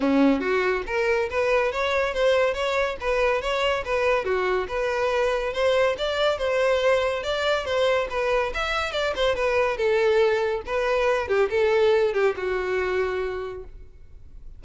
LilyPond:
\new Staff \with { instrumentName = "violin" } { \time 4/4 \tempo 4 = 141 cis'4 fis'4 ais'4 b'4 | cis''4 c''4 cis''4 b'4 | cis''4 b'4 fis'4 b'4~ | b'4 c''4 d''4 c''4~ |
c''4 d''4 c''4 b'4 | e''4 d''8 c''8 b'4 a'4~ | a'4 b'4. g'8 a'4~ | a'8 g'8 fis'2. | }